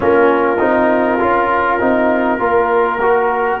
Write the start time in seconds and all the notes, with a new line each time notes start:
0.00 A#3 C#4 F4 A#4
0.58 C4 D#4
1.20 C#4 F4
1.79 C4 D#4
2.38 A#3 F4 A#4
3.01 F#4